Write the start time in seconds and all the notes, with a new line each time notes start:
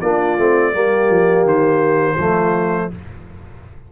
0.00 A#3 D4 F4 D5
0.38 A3 C4
0.73 G3 A#3 G4
1.09 F3
1.45 D#3 C5
2.15 F3 A3 F4